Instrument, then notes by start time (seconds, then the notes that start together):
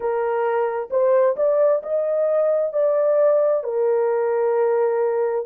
horn
0.00 A#4
0.90 C5
1.36 D5
1.83 D#5
2.73 D5
3.63 A#4